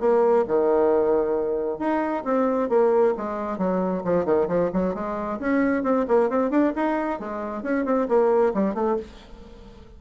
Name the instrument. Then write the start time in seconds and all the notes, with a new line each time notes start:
bassoon
0.00 A#3
0.47 D#3
1.79 D#4
2.24 C4
2.69 A#3
3.17 G#3
3.58 F#3
4.04 F3
4.25 D#3
4.48 F3
4.73 F#3
4.94 G#3
5.40 C#4
5.83 C4
6.08 A#3
6.30 C4
6.50 D4
6.76 D#4
7.19 G#3
7.63 C#4
7.85 C4
8.08 A#3
8.54 G3
8.75 A3